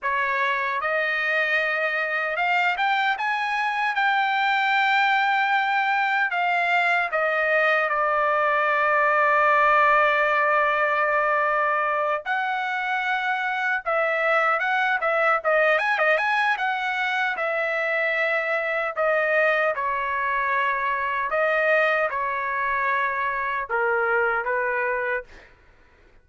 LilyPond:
\new Staff \with { instrumentName = "trumpet" } { \time 4/4 \tempo 4 = 76 cis''4 dis''2 f''8 g''8 | gis''4 g''2. | f''4 dis''4 d''2~ | d''2.~ d''8 fis''8~ |
fis''4. e''4 fis''8 e''8 dis''8 | gis''16 dis''16 gis''8 fis''4 e''2 | dis''4 cis''2 dis''4 | cis''2 ais'4 b'4 | }